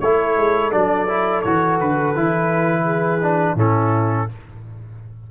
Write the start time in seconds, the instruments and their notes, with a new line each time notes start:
0.00 tuba A3, trombone E4, horn A4, trumpet C#5
0.37 tuba G#3
0.72 tuba F#3, trombone D4, trumpet D5
1.08 trombone E4
1.42 tuba E3, trombone F#4, trumpet C#5
1.81 tuba D3, trumpet B4
2.16 tuba E3, trombone E4
2.84 horn G#4
3.22 trombone D4
3.55 tuba A2, trombone C#4, horn E4, trumpet A4